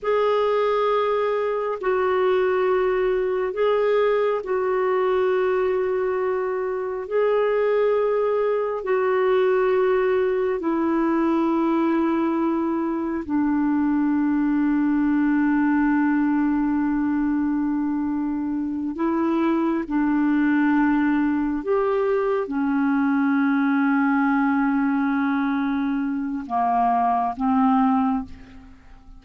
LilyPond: \new Staff \with { instrumentName = "clarinet" } { \time 4/4 \tempo 4 = 68 gis'2 fis'2 | gis'4 fis'2. | gis'2 fis'2 | e'2. d'4~ |
d'1~ | d'4. e'4 d'4.~ | d'8 g'4 cis'2~ cis'8~ | cis'2 ais4 c'4 | }